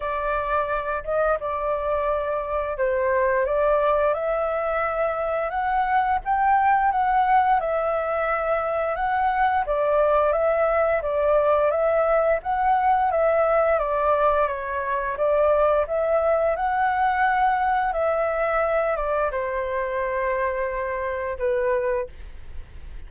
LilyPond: \new Staff \with { instrumentName = "flute" } { \time 4/4 \tempo 4 = 87 d''4. dis''8 d''2 | c''4 d''4 e''2 | fis''4 g''4 fis''4 e''4~ | e''4 fis''4 d''4 e''4 |
d''4 e''4 fis''4 e''4 | d''4 cis''4 d''4 e''4 | fis''2 e''4. d''8 | c''2. b'4 | }